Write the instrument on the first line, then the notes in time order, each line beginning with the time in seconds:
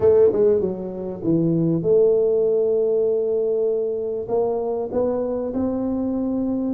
tuba
0.00 A3
0.32 G#3
0.60 F#3
1.23 E3
1.82 A3
4.28 A#3
4.91 B3
5.53 C4